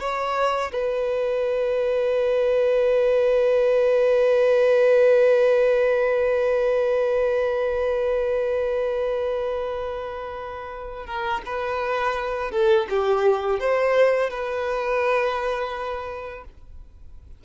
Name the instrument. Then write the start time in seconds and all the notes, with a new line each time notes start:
violin
0.00 C#5
0.73 B4
11.06 A#4
11.45 B4
12.51 A4
12.90 G4
13.60 C5
14.30 B4